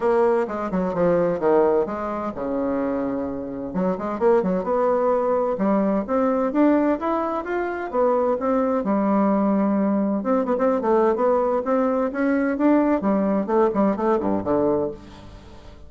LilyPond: \new Staff \with { instrumentName = "bassoon" } { \time 4/4 \tempo 4 = 129 ais4 gis8 fis8 f4 dis4 | gis4 cis2. | fis8 gis8 ais8 fis8 b2 | g4 c'4 d'4 e'4 |
f'4 b4 c'4 g4~ | g2 c'8 b16 c'8 a8. | b4 c'4 cis'4 d'4 | g4 a8 g8 a8 g,8 d4 | }